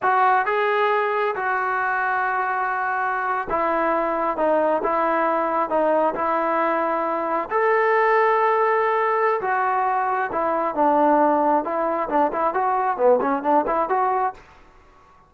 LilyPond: \new Staff \with { instrumentName = "trombone" } { \time 4/4 \tempo 4 = 134 fis'4 gis'2 fis'4~ | fis'2.~ fis'8. e'16~ | e'4.~ e'16 dis'4 e'4~ e'16~ | e'8. dis'4 e'2~ e'16~ |
e'8. a'2.~ a'16~ | a'4 fis'2 e'4 | d'2 e'4 d'8 e'8 | fis'4 b8 cis'8 d'8 e'8 fis'4 | }